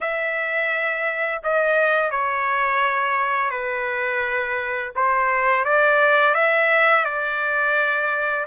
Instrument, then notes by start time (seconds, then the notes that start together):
trumpet
0.01 E5
1.43 D#5
2.10 C#5
3.50 B4
4.95 C5
5.64 D5
6.34 E5
7.05 D5